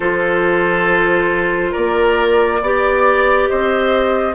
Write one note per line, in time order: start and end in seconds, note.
0.00 1.72 F3
0.00 2.61 F4
0.00 1.71 A4
0.00 1.73 C5
1.71 2.61 A#3
1.71 2.58 A#4
1.71 3.47 D5
2.61 3.48 B3
2.61 4.34 G4
2.61 3.49 D5
3.48 4.34 C4
3.48 4.34 C5
3.48 4.34 D#5